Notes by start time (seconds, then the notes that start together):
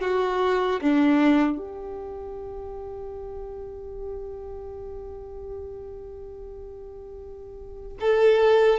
0.00 F#4
0.81 D4
1.57 G4
8.00 A4